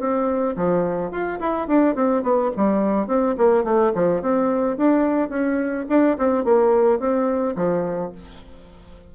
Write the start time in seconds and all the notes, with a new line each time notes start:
0.00 C4
0.56 F3
1.12 F4
1.40 E4
1.68 D4
1.95 C4
2.23 B3
2.57 G3
3.07 C4
3.38 A#3
3.64 A3
3.95 F3
4.22 C4
4.78 D4
5.30 C#4
5.90 D4
6.18 C4
6.45 A#3
7.00 C4
7.56 F3